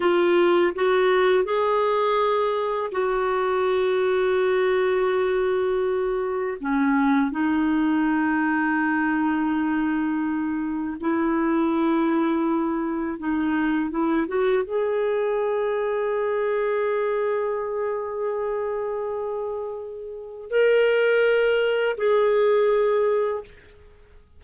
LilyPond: \new Staff \with { instrumentName = "clarinet" } { \time 4/4 \tempo 4 = 82 f'4 fis'4 gis'2 | fis'1~ | fis'4 cis'4 dis'2~ | dis'2. e'4~ |
e'2 dis'4 e'8 fis'8 | gis'1~ | gis'1 | ais'2 gis'2 | }